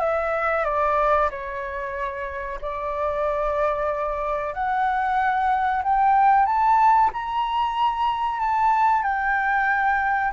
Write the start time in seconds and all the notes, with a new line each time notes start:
0.00 E5
0.65 D5
1.30 C#5
2.62 D5
4.54 F#5
5.84 G5
6.46 A5
7.13 A#5
8.40 A5
9.03 G5